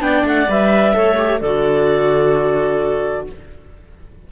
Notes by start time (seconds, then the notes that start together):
0.00 B3 D4 D5 G5
0.24 A3 F#5
0.49 G3 B4 E5
0.94 A3 A4 C#5
1.18 G4
1.40 D3 F#4 A4 D5